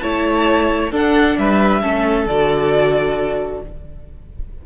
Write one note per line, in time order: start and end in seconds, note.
0.00 0.92 A3
0.00 0.92 E4
0.00 0.92 C#5
0.00 0.90 A5
0.92 1.37 D4
0.92 1.82 D4
0.92 1.37 A4
0.92 1.39 F#5
1.38 1.83 G3
1.38 1.82 B4
1.38 2.27 E5
1.82 2.27 A3
1.82 2.27 C#4
1.82 3.62 A4
2.27 3.62 D3
2.27 3.66 F#4
2.27 3.63 D5